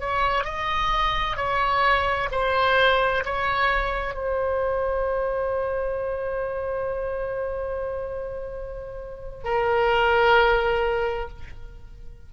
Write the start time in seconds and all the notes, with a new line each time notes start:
0.00 C#5
0.44 D#5
1.37 C#5
2.31 C5
3.25 C#5
4.14 C5
9.44 A#4